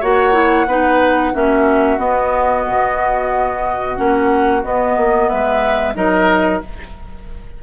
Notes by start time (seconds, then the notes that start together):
0.00 A#3 F#4 C#5 F#5
0.33 E4
0.66 B3 D#4 B4
1.32 A#3 C#4 F#4 E5
1.98 B3 D#5
2.67 B2
3.96 A#3 C#4 F#5
4.63 B3 D#5
4.96 A#3
5.27 G#3 B4 E5
5.94 F#3 D#4 A#4 D#5